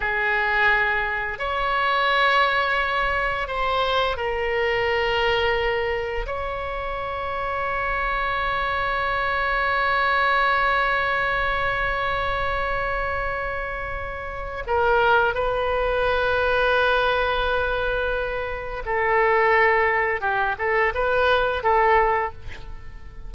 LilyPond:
\new Staff \with { instrumentName = "oboe" } { \time 4/4 \tempo 4 = 86 gis'2 cis''2~ | cis''4 c''4 ais'2~ | ais'4 cis''2.~ | cis''1~ |
cis''1~ | cis''4 ais'4 b'2~ | b'2. a'4~ | a'4 g'8 a'8 b'4 a'4 | }